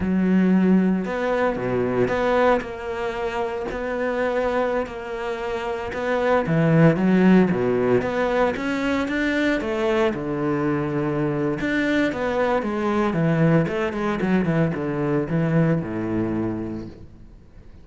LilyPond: \new Staff \with { instrumentName = "cello" } { \time 4/4 \tempo 4 = 114 fis2 b4 b,4 | b4 ais2 b4~ | b4~ b16 ais2 b8.~ | b16 e4 fis4 b,4 b8.~ |
b16 cis'4 d'4 a4 d8.~ | d2 d'4 b4 | gis4 e4 a8 gis8 fis8 e8 | d4 e4 a,2 | }